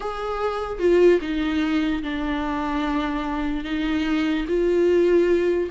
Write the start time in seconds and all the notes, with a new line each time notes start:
0.00 G#4
0.79 F4
1.21 D#4
2.03 D4
3.64 D#4
4.48 F4